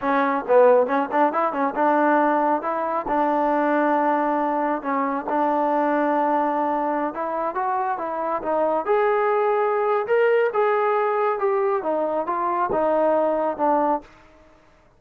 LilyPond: \new Staff \with { instrumentName = "trombone" } { \time 4/4 \tempo 4 = 137 cis'4 b4 cis'8 d'8 e'8 cis'8 | d'2 e'4 d'4~ | d'2. cis'4 | d'1~ |
d'16 e'4 fis'4 e'4 dis'8.~ | dis'16 gis'2~ gis'8. ais'4 | gis'2 g'4 dis'4 | f'4 dis'2 d'4 | }